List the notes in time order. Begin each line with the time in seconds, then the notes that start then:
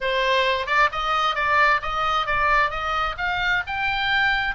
0.00 C5
0.66 D5
0.92 D#5
1.35 D5
1.82 D#5
2.26 D5
2.70 D#5
3.17 F5
3.67 G5